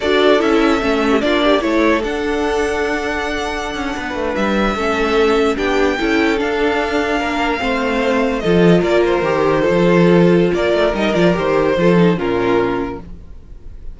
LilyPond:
<<
  \new Staff \with { instrumentName = "violin" } { \time 4/4 \tempo 4 = 148 d''4 e''2 d''4 | cis''4 fis''2.~ | fis''2~ fis''8. e''4~ e''16~ | e''4.~ e''16 g''2 f''16~ |
f''1~ | f''8. dis''4 d''8 c''4.~ c''16~ | c''2 d''4 dis''8 d''8 | c''2 ais'2 | }
  \new Staff \with { instrumentName = "violin" } { \time 4/4 a'2~ a'8. g'16 f'8 g'8 | a'1~ | a'4.~ a'16 b'2 a'16~ | a'4.~ a'16 g'4 a'4~ a'16~ |
a'4.~ a'16 ais'4 c''4~ c''16~ | c''8. a'4 ais'2 a'16~ | a'2 ais'2~ | ais'4 a'4 f'2 | }
  \new Staff \with { instrumentName = "viola" } { \time 4/4 fis'4 e'4 cis'4 d'4 | e'4 d'2.~ | d'2.~ d'8. cis'16~ | cis'4.~ cis'16 d'4 e'4 d'16~ |
d'2~ d'8. c'4~ c'16~ | c'8. f'2 g'4 f'16~ | f'2. dis'8 f'8 | g'4 f'8 dis'8 cis'2 | }
  \new Staff \with { instrumentName = "cello" } { \time 4/4 d'4 cis'4 a4 ais4 | a4 d'2.~ | d'4~ d'16 cis'8 b8 a8 g4 a16~ | a4.~ a16 b4 cis'4 d'16~ |
d'4.~ d'16 ais4 a4~ a16~ | a8. f4 ais4 dis4~ dis16 | f2 ais8 a8 g8 f8 | dis4 f4 ais,2 | }
>>